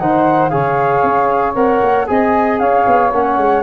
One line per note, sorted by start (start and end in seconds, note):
0.00 0.52 D#3
0.00 0.51 D#4
0.00 0.52 C5
0.00 0.49 F#5
0.49 1.04 C#3
0.49 1.55 G#4
0.49 2.08 C#5
0.49 1.54 F5
1.04 1.56 C#4
1.55 1.82 C4
1.55 2.07 A#4
1.55 2.07 F#5
1.82 2.09 A#3
2.07 2.60 C4
2.07 3.12 G#4
2.07 2.60 D#5
2.07 2.60 G#5
2.60 2.86 C#4
2.60 3.63 C#5
2.60 3.12 F5
2.87 3.12 B3
3.12 3.38 A#3
3.12 3.63 C#4
3.12 3.63 F#5
3.38 3.63 G#3